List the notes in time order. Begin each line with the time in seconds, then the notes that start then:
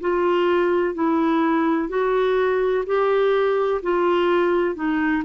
0.00 F4
0.94 E4
1.89 F#4
2.86 G4
3.82 F4
4.75 D#4